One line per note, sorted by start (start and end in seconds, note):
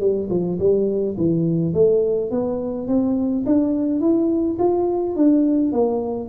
0.00 0.29 G3
0.30 0.59 F3
0.59 1.16 G3
1.17 1.74 E3
1.74 2.31 A3
2.31 2.88 B3
2.88 3.45 C4
3.46 4.01 D4
4.01 4.58 E4
4.59 5.16 F4
5.16 5.72 D4
5.72 6.29 A#3